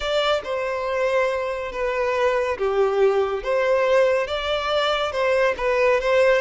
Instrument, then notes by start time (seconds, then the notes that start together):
violin
0.00 D5
0.44 C5
1.71 B4
2.58 G4
3.43 C5
4.27 D5
5.12 C5
5.57 B4
6.00 C5